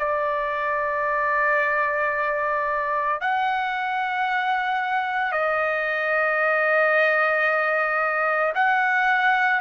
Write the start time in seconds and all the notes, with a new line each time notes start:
0.00 D5
3.21 F#5
5.32 D#5
8.55 F#5